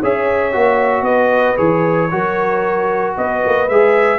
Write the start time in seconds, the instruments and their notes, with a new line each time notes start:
0.00 tuba C#4, trombone G#4, horn C#5, trumpet E5
0.53 tuba A#3, trombone F#4
1.02 tuba B3, horn B4, trumpet D#5
1.57 tuba E3, trombone G#4, trumpet C#5
2.11 tuba F#3, trombone F#4, horn A#4
3.18 tuba B3, horn B4, trumpet D#5
3.46 tuba A#3
3.69 tuba G#3, trombone G#4, trumpet E5